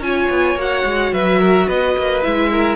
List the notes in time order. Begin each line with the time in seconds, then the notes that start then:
0.00 C#4 F4 G#5
0.07 C#5
0.30 B3
0.56 A#3 F#4 F#5
0.85 G#3
1.12 F#3 B4 E5
1.39 A#4
1.67 B3 B4 D#5
1.98 A#3
2.23 G#3 E4 E5
2.51 A#4